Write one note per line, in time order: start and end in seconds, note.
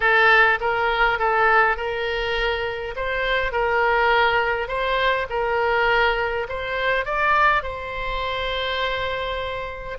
0.00 0.59 A4
0.60 1.18 A#4
1.18 1.76 A4
1.76 2.94 A#4
2.96 3.52 C5
3.52 4.68 A#4
4.68 5.26 C5
5.29 6.47 A#4
6.48 7.05 C5
7.05 7.63 D5
7.63 9.98 C5